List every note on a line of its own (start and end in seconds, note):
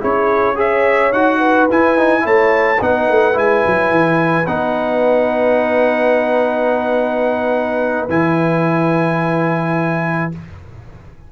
0.00 1.13 C#4
0.00 0.56 E4
0.00 0.56 G#4
0.00 0.59 C#5
0.56 1.11 G#4
0.56 1.38 C#5
0.56 1.13 E5
1.13 1.68 D#4
1.13 1.70 F#4
1.13 1.68 F#5
1.38 2.22 B4
1.70 1.98 E4
1.70 2.26 E4
1.70 2.27 G#5
1.98 2.21 D#4
2.21 2.81 A3
2.21 2.76 E4
2.21 2.80 C#5
2.27 2.82 A5
2.81 3.09 B3
2.81 3.33 D#4
2.81 10.32 B4
2.81 3.38 F#5
3.09 3.37 A3
3.33 3.65 G#3
3.33 4.45 E4
3.33 4.47 G#5
3.67 3.90 F#3
3.90 4.46 E3
4.47 8.08 B3
4.47 8.09 D#4
4.47 8.08 F#5
8.09 10.31 E3
8.09 10.32 E4
8.09 10.32 G#5